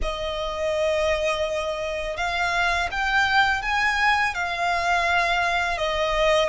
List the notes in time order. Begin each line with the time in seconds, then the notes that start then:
0.02 D#5
2.17 F5
2.91 G5
3.62 G#5
4.34 F5
5.77 D#5